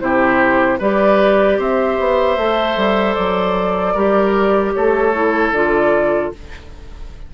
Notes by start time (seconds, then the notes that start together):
0.00 C3 E4 G4 C5
0.79 G3 G4 B4 D5
1.58 C4 C5 E5
1.99 B3
2.37 A3 A4
2.76 G3
3.14 F#3 D5
3.94 G3 G4 A#4
4.74 A3 A4 C#5
5.14 E4
5.51 D3 F4 D5